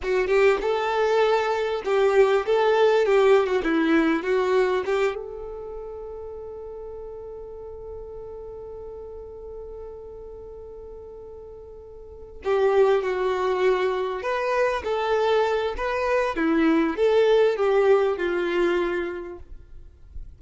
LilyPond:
\new Staff \with { instrumentName = "violin" } { \time 4/4 \tempo 4 = 99 fis'8 g'8 a'2 g'4 | a'4 g'8. fis'16 e'4 fis'4 | g'8 a'2.~ a'8~ | a'1~ |
a'1~ | a'8 g'4 fis'2 b'8~ | b'8 a'4. b'4 e'4 | a'4 g'4 f'2 | }